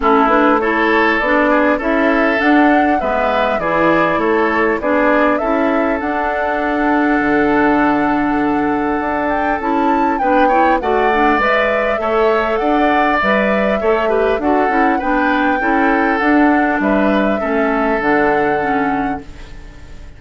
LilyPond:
<<
  \new Staff \with { instrumentName = "flute" } { \time 4/4 \tempo 4 = 100 a'8 b'8 cis''4 d''4 e''4 | fis''4 e''4 d''4 cis''4 | d''4 e''4 fis''2~ | fis''2.~ fis''8 g''8 |
a''4 g''4 fis''4 e''4~ | e''4 fis''4 e''2 | fis''4 g''2 fis''4 | e''2 fis''2 | }
  \new Staff \with { instrumentName = "oboe" } { \time 4/4 e'4 a'4. gis'8 a'4~ | a'4 b'4 gis'4 a'4 | gis'4 a'2.~ | a'1~ |
a'4 b'8 cis''8 d''2 | cis''4 d''2 cis''8 b'8 | a'4 b'4 a'2 | b'4 a'2. | }
  \new Staff \with { instrumentName = "clarinet" } { \time 4/4 cis'8 d'8 e'4 d'4 e'4 | d'4 b4 e'2 | d'4 e'4 d'2~ | d'1 |
e'4 d'8 e'8 fis'8 d'8 b'4 | a'2 b'4 a'8 g'8 | fis'8 e'8 d'4 e'4 d'4~ | d'4 cis'4 d'4 cis'4 | }
  \new Staff \with { instrumentName = "bassoon" } { \time 4/4 a2 b4 cis'4 | d'4 gis4 e4 a4 | b4 cis'4 d'2 | d2. d'4 |
cis'4 b4 a4 gis4 | a4 d'4 g4 a4 | d'8 cis'8 b4 cis'4 d'4 | g4 a4 d2 | }
>>